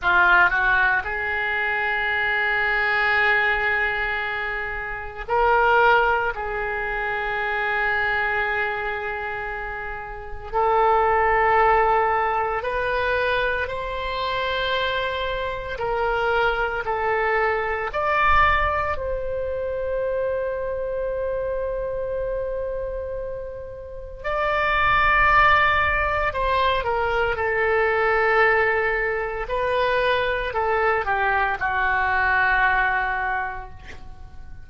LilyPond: \new Staff \with { instrumentName = "oboe" } { \time 4/4 \tempo 4 = 57 f'8 fis'8 gis'2.~ | gis'4 ais'4 gis'2~ | gis'2 a'2 | b'4 c''2 ais'4 |
a'4 d''4 c''2~ | c''2. d''4~ | d''4 c''8 ais'8 a'2 | b'4 a'8 g'8 fis'2 | }